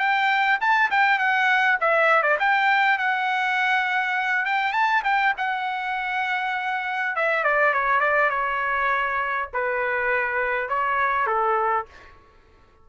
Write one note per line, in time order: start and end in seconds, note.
0.00 0.59 G5
0.61 0.91 A5
0.91 1.19 G5
1.19 1.78 F#5
1.81 2.23 E5
2.23 2.38 D5
2.40 2.99 G5
2.99 4.46 F#5
4.46 4.73 G5
4.73 5.03 A5
5.04 5.34 G5
5.38 7.16 F#5
7.16 7.44 E5
7.44 7.74 D5
7.74 8.01 C#5
8.01 8.30 D5
8.30 9.49 C#5
9.54 10.70 B4
10.70 11.27 C#5
11.27 11.86 A4